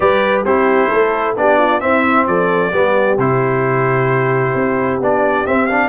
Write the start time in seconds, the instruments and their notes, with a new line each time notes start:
0.00 tuba G3, trombone G4, horn B4, trumpet D5
0.44 tuba C4, trombone E4, horn G4, trumpet C5
0.88 tuba A3, horn A4
1.36 tuba B3, trombone D4, horn G4, trumpet D5
1.58 horn F4
1.80 trombone C4, tuba C4, horn E4, trumpet E5
2.27 tuba F3, horn A4, trumpet D5
2.72 tuba G3, trombone B3, horn G4
3.17 tuba C3, trombone E4, trumpet C5
4.55 tuba C4
5.00 tuba B3, trombone D4, trumpet D5
5.45 trombone C4, tuba C4, trumpet E5
5.66 trombone D4, trumpet F5